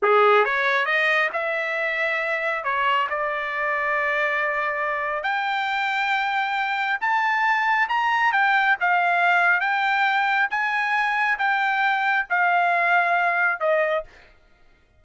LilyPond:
\new Staff \with { instrumentName = "trumpet" } { \time 4/4 \tempo 4 = 137 gis'4 cis''4 dis''4 e''4~ | e''2 cis''4 d''4~ | d''1 | g''1 |
a''2 ais''4 g''4 | f''2 g''2 | gis''2 g''2 | f''2. dis''4 | }